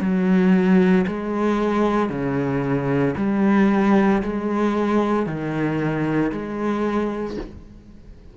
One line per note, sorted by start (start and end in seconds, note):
0.00 1.05 F#3
1.07 2.10 G#3
2.10 3.15 C#3
3.17 4.22 G3
4.22 5.26 G#3
5.26 6.32 D#3
6.32 7.37 G#3